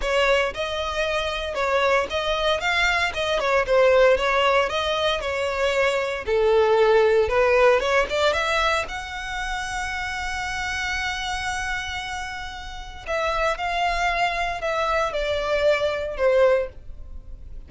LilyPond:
\new Staff \with { instrumentName = "violin" } { \time 4/4 \tempo 4 = 115 cis''4 dis''2 cis''4 | dis''4 f''4 dis''8 cis''8 c''4 | cis''4 dis''4 cis''2 | a'2 b'4 cis''8 d''8 |
e''4 fis''2.~ | fis''1~ | fis''4 e''4 f''2 | e''4 d''2 c''4 | }